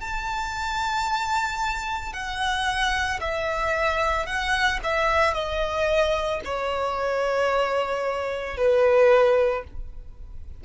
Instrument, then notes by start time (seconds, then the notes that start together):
violin
0.00 A5
2.13 F#5
3.20 E5
4.26 F#5
4.83 E5
5.33 D#5
6.45 C#5
8.57 B4